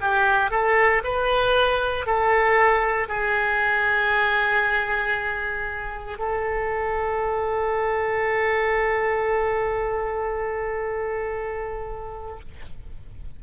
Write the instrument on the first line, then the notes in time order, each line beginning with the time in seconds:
oboe
0.00 G4
0.50 A4
1.03 B4
2.06 A4
3.08 G#4
6.18 A4